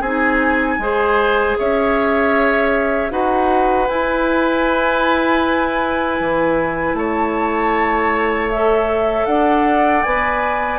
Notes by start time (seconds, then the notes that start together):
0.00 C4 D#4 G#4 G#5
0.79 G#3 G#4 C5
1.58 C#4 C#5 E5
3.10 D#4 F#4 B4 F#5
3.88 E4 G#5
6.20 E3
6.94 A3 C#5 A5
8.49 A4 E5
9.26 D4 D5 F#5
10.03 B3 B4 G#5